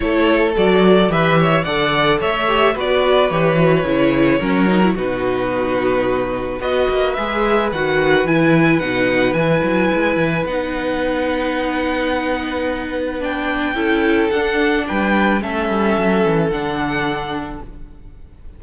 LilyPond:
<<
  \new Staff \with { instrumentName = "violin" } { \time 4/4 \tempo 4 = 109 cis''4 d''4 e''4 fis''4 | e''4 d''4 cis''2~ | cis''4 b'2. | dis''4 e''4 fis''4 gis''4 |
fis''4 gis''2 fis''4~ | fis''1 | g''2 fis''4 g''4 | e''2 fis''2 | }
  \new Staff \with { instrumentName = "violin" } { \time 4/4 a'2 b'8 cis''8 d''4 | cis''4 b'2. | ais'4 fis'2. | b'1~ |
b'1~ | b'1~ | b'4 a'2 b'4 | a'1 | }
  \new Staff \with { instrumentName = "viola" } { \time 4/4 e'4 fis'4 g'4 a'4~ | a'8 g'8 fis'4 g'8 fis'8 e'4 | cis'8 dis'16 e'16 dis'2. | fis'4 gis'4 fis'4 e'4 |
dis'4 e'2 dis'4~ | dis'1 | d'4 e'4 d'2 | cis'2 d'2 | }
  \new Staff \with { instrumentName = "cello" } { \time 4/4 a4 fis4 e4 d4 | a4 b4 e4 cis4 | fis4 b,2. | b8 ais8 gis4 dis4 e4 |
b,4 e8 fis8 gis8 e8 b4~ | b1~ | b4 cis'4 d'4 g4 | a8 g8 fis8 e8 d2 | }
>>